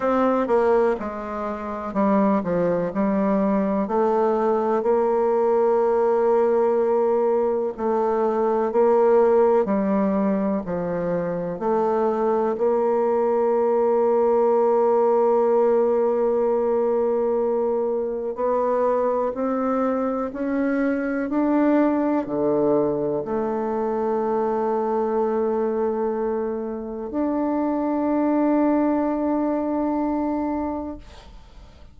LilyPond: \new Staff \with { instrumentName = "bassoon" } { \time 4/4 \tempo 4 = 62 c'8 ais8 gis4 g8 f8 g4 | a4 ais2. | a4 ais4 g4 f4 | a4 ais2.~ |
ais2. b4 | c'4 cis'4 d'4 d4 | a1 | d'1 | }